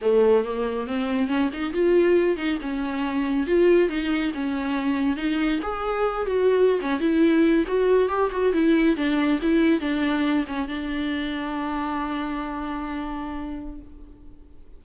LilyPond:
\new Staff \with { instrumentName = "viola" } { \time 4/4 \tempo 4 = 139 a4 ais4 c'4 cis'8 dis'8 | f'4. dis'8 cis'2 | f'4 dis'4 cis'2 | dis'4 gis'4. fis'4~ fis'16 cis'16~ |
cis'16 e'4. fis'4 g'8 fis'8 e'16~ | e'8. d'4 e'4 d'4~ d'16~ | d'16 cis'8 d'2.~ d'16~ | d'1 | }